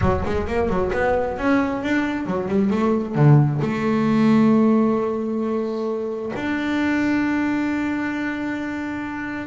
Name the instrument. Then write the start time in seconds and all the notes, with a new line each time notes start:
double bass
0.01 F#3
0.25 G#3
0.47 A#3
0.69 F#3
0.92 B3
1.38 C#4
1.82 D4
2.26 F#3
2.48 G3
2.70 A3
3.15 D3
3.61 A3
6.35 D4